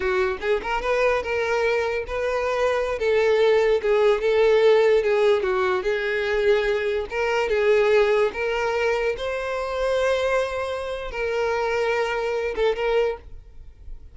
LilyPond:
\new Staff \with { instrumentName = "violin" } { \time 4/4 \tempo 4 = 146 fis'4 gis'8 ais'8 b'4 ais'4~ | ais'4 b'2~ b'16 a'8.~ | a'4~ a'16 gis'4 a'4.~ a'16~ | a'16 gis'4 fis'4 gis'4.~ gis'16~ |
gis'4~ gis'16 ais'4 gis'4.~ gis'16~ | gis'16 ais'2 c''4.~ c''16~ | c''2. ais'4~ | ais'2~ ais'8 a'8 ais'4 | }